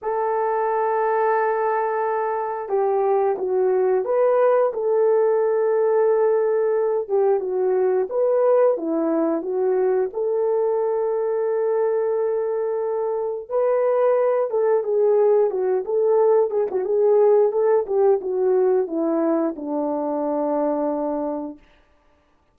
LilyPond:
\new Staff \with { instrumentName = "horn" } { \time 4/4 \tempo 4 = 89 a'1 | g'4 fis'4 b'4 a'4~ | a'2~ a'8 g'8 fis'4 | b'4 e'4 fis'4 a'4~ |
a'1 | b'4. a'8 gis'4 fis'8 a'8~ | a'8 gis'16 fis'16 gis'4 a'8 g'8 fis'4 | e'4 d'2. | }